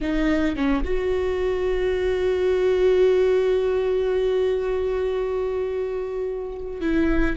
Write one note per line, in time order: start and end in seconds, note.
0.00 0.56 D#4
0.56 0.83 C#4
0.84 6.80 F#4
6.80 7.36 E4